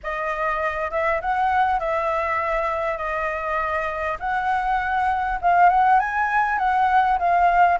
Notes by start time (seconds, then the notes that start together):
0.03 D#5
0.90 E5
1.21 F#5
1.79 E5
2.97 D#5
4.19 F#5
5.41 F5
5.69 F#5
5.99 G#5
6.58 F#5
7.18 F5